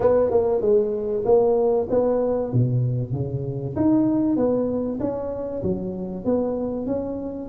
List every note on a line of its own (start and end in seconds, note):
0.00 0.30 B3
0.30 0.61 A#3
0.61 1.23 G#3
1.25 1.87 A#3
1.90 2.52 B3
2.52 3.12 B2
3.12 3.75 C#3
3.76 4.36 D#4
4.36 4.98 B3
5.00 5.62 C#4
5.62 6.24 F#3
6.24 6.86 B3
6.86 7.49 C#4